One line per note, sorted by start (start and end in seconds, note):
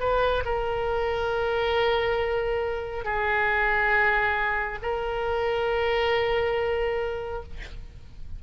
0.00 0.43 B4
0.45 3.05 A#4
3.05 4.79 G#4
4.82 7.43 A#4